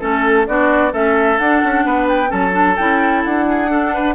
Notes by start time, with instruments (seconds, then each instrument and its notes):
0.00 bassoon A3, clarinet C#4, flute A4, oboe A4
0.47 bassoon B3, clarinet D4, oboe F#4, flute D5
0.92 bassoon A3, clarinet C#4, oboe A4, flute E5
1.39 bassoon D4, clarinet D4, flute F#5
1.65 bassoon C#4
1.85 bassoon B3, oboe B4
2.09 flute G5
2.28 bassoon F#3, clarinet C#4, oboe A4, flute A5
2.52 clarinet D4
2.77 bassoon C#4, clarinet E4, flute G5
3.25 bassoon D4, flute F#5
3.49 oboe G#4
3.68 clarinet D4, oboe A4
3.94 oboe B4